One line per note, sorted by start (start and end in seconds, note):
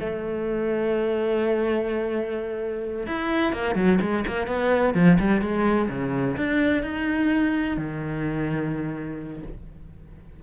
0.00 3.07 A3
3.07 3.53 E4
3.53 3.75 A#3
3.75 3.99 F#3
4.01 4.25 G#3
4.27 4.47 A#3
4.47 4.94 B3
4.95 5.18 F3
5.19 5.42 G3
5.42 5.89 G#3
5.89 6.36 C#3
6.37 6.83 D4
6.83 7.77 D#4
7.77 9.43 D#3